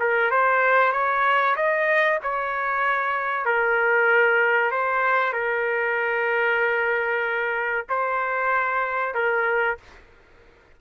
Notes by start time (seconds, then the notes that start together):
0.00 A#4
0.31 C5
0.93 C#5
1.56 D#5
2.23 C#5
3.45 A#4
4.72 C5
5.33 A#4
7.89 C5
9.15 A#4